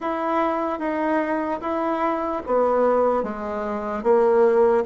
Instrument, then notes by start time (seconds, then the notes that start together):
bassoon
0.00 E4
0.79 D#4
1.60 E4
2.46 B3
3.23 G#3
4.03 A#3